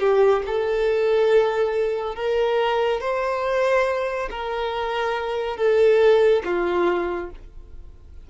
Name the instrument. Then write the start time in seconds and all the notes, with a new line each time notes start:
violin
0.00 G4
0.46 A4
2.16 A#4
3.01 C5
4.31 A#4
5.57 A4
6.45 F4